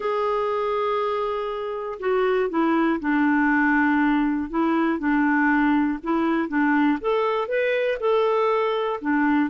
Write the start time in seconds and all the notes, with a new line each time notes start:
0.00 G#4
1.99 F#4
2.49 E4
3.00 D4
4.50 E4
4.98 D4
6.02 E4
6.48 D4
7.00 A4
7.48 B4
8.00 A4
9.01 D4